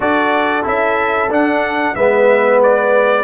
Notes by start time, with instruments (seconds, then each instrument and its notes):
0.00 tuba D4, trombone F#4, horn A4, trumpet D5
0.63 tuba C#4, trombone E4, trumpet E5
1.29 tuba D4, trombone D4, trumpet F#5
1.95 tuba G#3, trombone B3, horn B4, trumpet E5
2.62 trumpet D5